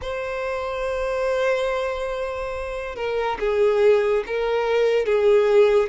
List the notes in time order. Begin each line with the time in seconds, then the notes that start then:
0.01 C5
2.95 A#4
3.39 G#4
4.26 A#4
5.05 G#4